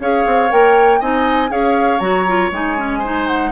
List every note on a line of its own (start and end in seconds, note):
0.00 0.25 C#4
0.00 0.49 G#4
0.00 1.00 C#5
0.00 0.51 F5
0.26 0.51 C4
0.49 1.01 A#3
0.49 1.00 A#4
0.49 1.02 G5
1.00 1.51 C4
1.00 1.49 D#4
1.00 1.50 D#5
1.00 1.52 G#5
1.49 2.00 C#4
1.49 2.00 G#4
1.49 2.99 C#5
1.49 1.99 F5
1.99 2.51 F#3
1.99 2.26 F#4
1.99 2.50 A#5
2.27 2.53 F4
2.51 3.52 G#3
2.51 2.77 D#4
2.51 3.27 G#5
2.77 3.03 C#4
2.99 3.52 D#4
2.99 3.49 C5
3.27 3.52 F#5